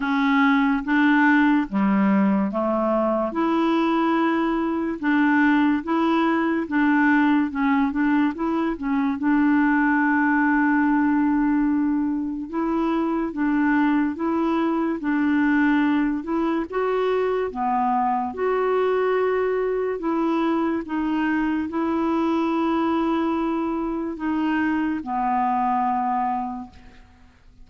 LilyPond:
\new Staff \with { instrumentName = "clarinet" } { \time 4/4 \tempo 4 = 72 cis'4 d'4 g4 a4 | e'2 d'4 e'4 | d'4 cis'8 d'8 e'8 cis'8 d'4~ | d'2. e'4 |
d'4 e'4 d'4. e'8 | fis'4 b4 fis'2 | e'4 dis'4 e'2~ | e'4 dis'4 b2 | }